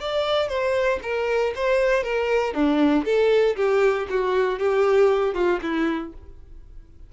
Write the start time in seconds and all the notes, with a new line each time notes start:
0.00 D5
0.48 C5
1.02 A#4
1.55 C5
2.03 A#4
2.54 D4
3.05 A4
3.56 G4
4.09 F#4
4.59 G4
5.34 F4
5.62 E4